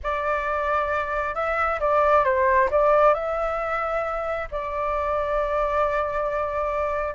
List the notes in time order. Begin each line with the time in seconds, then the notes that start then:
0.03 D5
1.34 E5
1.80 D5
2.24 C5
2.70 D5
3.14 E5
4.51 D5